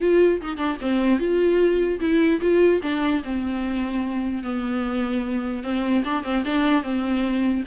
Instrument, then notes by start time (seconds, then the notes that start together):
viola
0.01 F4
0.41 D#4
0.57 D4
0.81 C4
1.19 F4
2.00 E4
2.41 F4
2.82 D4
3.23 C4
4.43 B3
5.63 C4
6.04 D4
6.23 C4
6.45 D4
6.83 C4